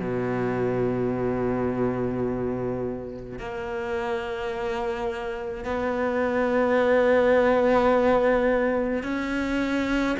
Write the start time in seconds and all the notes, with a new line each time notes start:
0.00 B2
3.40 A#3
5.65 B3
9.04 C#4